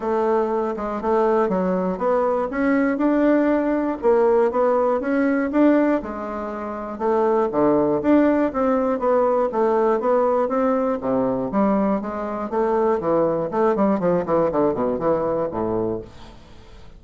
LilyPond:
\new Staff \with { instrumentName = "bassoon" } { \time 4/4 \tempo 4 = 120 a4. gis8 a4 fis4 | b4 cis'4 d'2 | ais4 b4 cis'4 d'4 | gis2 a4 d4 |
d'4 c'4 b4 a4 | b4 c'4 c4 g4 | gis4 a4 e4 a8 g8 | f8 e8 d8 b,8 e4 a,4 | }